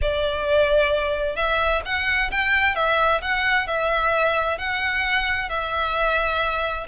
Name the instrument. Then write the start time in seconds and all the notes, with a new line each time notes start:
violin
0.01 D5
1.35 E5
1.85 F#5
2.31 G5
2.75 E5
3.21 F#5
3.67 E5
4.58 F#5
5.49 E5